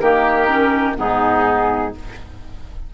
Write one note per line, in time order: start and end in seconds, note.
0.00 0.96 D#3
0.00 0.48 A#3
0.00 0.96 G4
0.00 0.95 A#4
0.48 0.96 C#4
0.96 1.93 G#2
0.96 1.91 B3
0.96 1.94 D#4
0.96 1.94 G#4